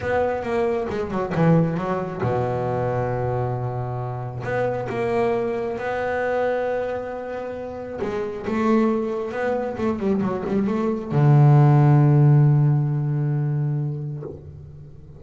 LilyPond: \new Staff \with { instrumentName = "double bass" } { \time 4/4 \tempo 4 = 135 b4 ais4 gis8 fis8 e4 | fis4 b,2.~ | b,2 b4 ais4~ | ais4 b2.~ |
b2 gis4 a4~ | a4 b4 a8 g8 fis8 g8 | a4 d2.~ | d1 | }